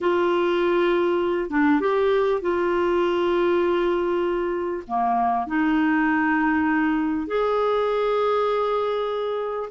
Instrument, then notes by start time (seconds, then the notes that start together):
clarinet
0.00 F4
1.50 D4
1.80 G4
2.41 F4
4.87 A#3
5.46 D#4
7.27 G#4